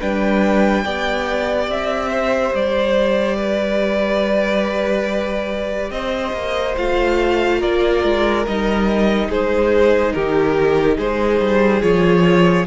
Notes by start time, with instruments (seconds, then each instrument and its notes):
0.00 cello G3, viola D4, violin B4 G5
0.84 cello B3, viola G4, violin D5
1.68 cello C4, violin E5
2.10 violin C5
2.54 cello G3, violin D5
3.37 violin B4
5.91 cello C4, violin C5 D#5
6.33 cello A#3
6.77 cello A3, viola F4, violin F5
7.60 cello A#3, violin A#4 D5
8.04 cello G#3
8.47 cello G3, viola D#4, violin D#5
9.29 cello G#3, violin G#4 C5
10.13 cello D#3, violin G4 A#4
10.97 cello G#3, violin G#4 C5
11.40 cello G3
11.82 cello F3, viola F4, violin C#5